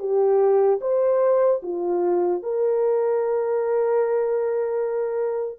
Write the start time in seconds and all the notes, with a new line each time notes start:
0.00 G4
0.81 C5
1.63 F4
2.43 A#4